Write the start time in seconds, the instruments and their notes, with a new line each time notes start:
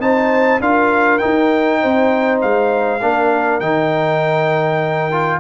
0.00 tuba C4, trombone D#4, horn C5, trumpet A5
0.61 tuba D4, trombone F4, horn A#4, trumpet F5
1.19 trombone D#4, trumpet G5
1.25 tuba D#4
1.81 tuba C4, horn C5
2.42 tuba G#3, trumpet F5
3.02 tuba A#3, trombone D4, horn A#4
3.60 tuba D#3, trombone D#4, trumpet G5
5.12 trombone F4